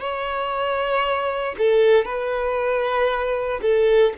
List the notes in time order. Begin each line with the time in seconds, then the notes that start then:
0.00 C#5
1.58 A4
2.05 B4
3.62 A4